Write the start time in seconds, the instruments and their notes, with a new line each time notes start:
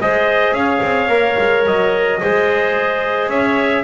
0.00 double bass G#3, trombone G#4, clarinet C5, trumpet D#5
0.52 double bass C#4, clarinet C#5, trumpet F5
0.82 double bass C4
1.08 double bass A#3, trombone A#4
1.38 double bass G#3
1.66 double bass F#3, trumpet D#5
2.19 double bass G#3, trombone G#4, clarinet C5
3.28 double bass C#4, clarinet C#5, trumpet E5